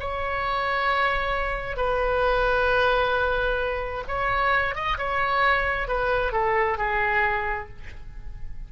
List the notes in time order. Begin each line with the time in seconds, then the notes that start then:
0.00 C#5
1.77 B4
4.08 C#5
4.75 D#5
4.98 C#5
5.88 B4
6.32 A4
6.78 G#4